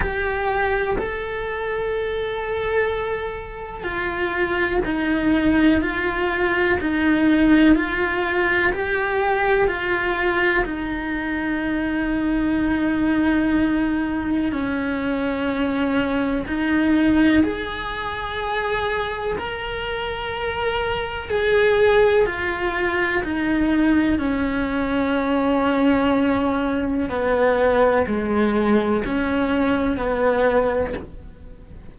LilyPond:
\new Staff \with { instrumentName = "cello" } { \time 4/4 \tempo 4 = 62 g'4 a'2. | f'4 dis'4 f'4 dis'4 | f'4 g'4 f'4 dis'4~ | dis'2. cis'4~ |
cis'4 dis'4 gis'2 | ais'2 gis'4 f'4 | dis'4 cis'2. | b4 gis4 cis'4 b4 | }